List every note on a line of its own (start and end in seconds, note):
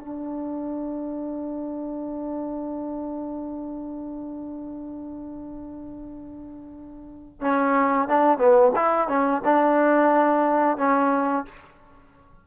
0.00 7.42 D4
7.42 8.09 C#4
8.09 8.38 D4
8.38 8.72 B3
8.76 9.09 E4
9.09 9.42 C#4
9.45 10.78 D4
10.78 11.45 C#4